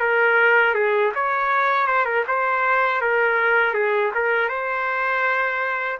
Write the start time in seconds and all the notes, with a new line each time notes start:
0.00 A#4
0.74 G#4
1.15 C#5
1.87 C5
2.05 A#4
2.28 C5
3.01 A#4
3.74 G#4
4.14 A#4
4.49 C5